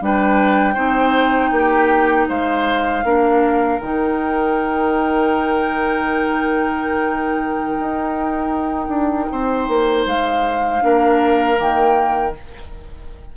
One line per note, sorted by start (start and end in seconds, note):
0.00 0.75 G3
0.00 0.75 D4
0.00 0.74 B4
0.00 2.29 G5
0.74 1.51 C4
0.74 3.03 D#4
0.74 1.50 C5
1.51 2.27 A#3
1.51 2.28 G4
2.28 3.04 G#3
2.28 3.04 C5
2.28 3.79 F5
3.04 3.80 A#3
3.04 3.80 D4
3.04 9.31 A#4
3.79 7.79 D#3
3.79 10.80 D#4
3.79 10.05 G5
7.79 8.88 D#4
8.88 9.26 D4
9.31 9.68 C4
9.31 10.83 C5
9.68 10.05 A#3
10.05 10.81 G#3
10.05 11.58 F5
10.80 11.58 A#3
10.80 11.55 D4
10.80 12.36 A#4
11.55 12.35 D#3
11.55 12.31 A#3
11.55 12.34 G5